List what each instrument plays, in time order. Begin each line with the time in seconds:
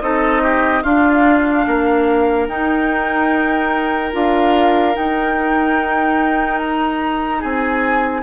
0.00 bassoon C4, clarinet D#4, oboe A4, flute D#5
0.42 oboe G4
0.82 bassoon D4, clarinet D4, oboe F4, flute F5
1.67 bassoon A#3, oboe A#4
2.47 bassoon D#4, clarinet D#4, flute G5
4.12 bassoon D4, clarinet F4, flute F5
4.93 clarinet D#4, bassoon D#4, flute G5
6.58 flute A#5
7.39 bassoon C4, oboe G#4, flute G#5